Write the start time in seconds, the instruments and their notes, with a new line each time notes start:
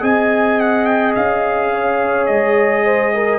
0.00 tuba C4, trombone G#4, horn D#5, trumpet G#5
0.60 trumpet F#5
0.85 trumpet G5
1.15 tuba C#4, trumpet F5
1.72 horn C#5
2.26 tuba G#3, trumpet D#5
2.84 horn C5
3.14 horn A#4